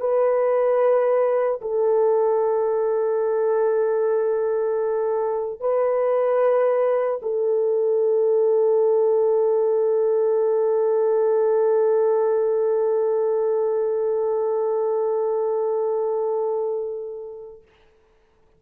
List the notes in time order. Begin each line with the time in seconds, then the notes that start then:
0.00 B4
1.61 A4
5.60 B4
7.22 A4